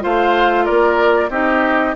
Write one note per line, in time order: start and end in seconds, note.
0.00 0.68 A3
0.00 1.29 F4
0.00 0.65 C5
0.00 0.65 F5
0.65 1.29 A#3
0.65 1.29 A#4
0.65 1.29 D5
1.29 1.94 C4
1.29 1.95 D#4
1.29 1.95 G4
1.29 1.95 D#5